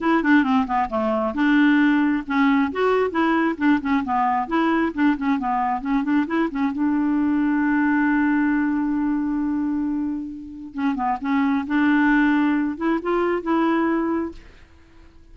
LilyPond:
\new Staff \with { instrumentName = "clarinet" } { \time 4/4 \tempo 4 = 134 e'8 d'8 c'8 b8 a4 d'4~ | d'4 cis'4 fis'4 e'4 | d'8 cis'8 b4 e'4 d'8 cis'8 | b4 cis'8 d'8 e'8 cis'8 d'4~ |
d'1~ | d'1 | cis'8 b8 cis'4 d'2~ | d'8 e'8 f'4 e'2 | }